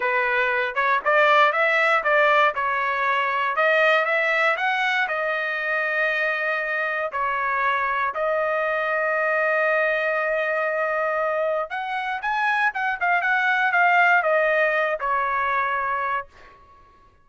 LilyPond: \new Staff \with { instrumentName = "trumpet" } { \time 4/4 \tempo 4 = 118 b'4. cis''8 d''4 e''4 | d''4 cis''2 dis''4 | e''4 fis''4 dis''2~ | dis''2 cis''2 |
dis''1~ | dis''2. fis''4 | gis''4 fis''8 f''8 fis''4 f''4 | dis''4. cis''2~ cis''8 | }